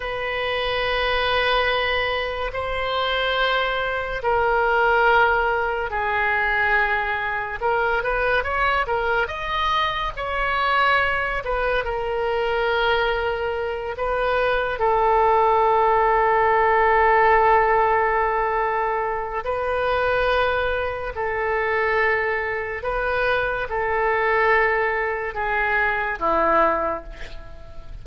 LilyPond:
\new Staff \with { instrumentName = "oboe" } { \time 4/4 \tempo 4 = 71 b'2. c''4~ | c''4 ais'2 gis'4~ | gis'4 ais'8 b'8 cis''8 ais'8 dis''4 | cis''4. b'8 ais'2~ |
ais'8 b'4 a'2~ a'8~ | a'2. b'4~ | b'4 a'2 b'4 | a'2 gis'4 e'4 | }